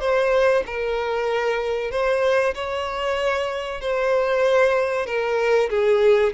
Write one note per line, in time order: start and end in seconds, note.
0.00 0.63 C5
0.66 1.91 A#4
1.91 2.54 C5
2.54 3.81 C#5
3.81 5.06 C5
5.06 5.69 A#4
5.70 6.33 G#4